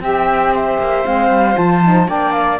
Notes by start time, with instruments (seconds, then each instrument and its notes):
0.00 cello C4, saxophone G4, viola E5, flute G5
0.54 viola C5, flute E5
0.78 cello A#3
1.04 cello G#3, saxophone C4, flute F5
1.30 cello G3
1.54 cello F3, saxophone F4, flute A5
1.84 saxophone D#4
2.06 cello A#3, saxophone D4, viola D5, flute G5
2.32 flute F5